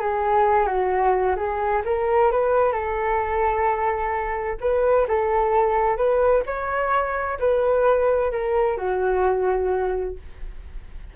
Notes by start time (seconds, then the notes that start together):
0.00 G#4
0.67 F#4
1.36 G#4
1.85 A#4
2.31 B4
2.72 A4
4.60 B4
5.08 A4
5.97 B4
6.46 C#5
7.40 B4
8.31 A#4
8.78 F#4